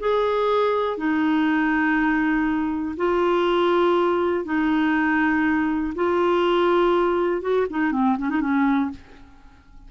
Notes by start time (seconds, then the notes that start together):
0.00 G#4
0.98 D#4
2.97 F4
4.45 D#4
5.95 F4
7.42 F#4
7.70 D#4
7.92 C4
8.18 C#4
8.30 D#4
8.41 C#4